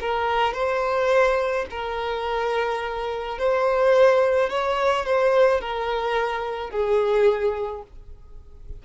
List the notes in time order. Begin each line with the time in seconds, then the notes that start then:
0.00 A#4
0.53 C5
1.70 A#4
3.38 C5
4.49 C#5
5.05 C5
5.60 A#4
6.70 G#4